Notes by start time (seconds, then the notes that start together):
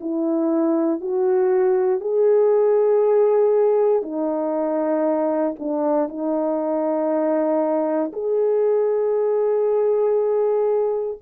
0.00 E4
1.00 F#4
2.00 G#4
4.02 D#4
5.59 D4
6.08 D#4
8.13 G#4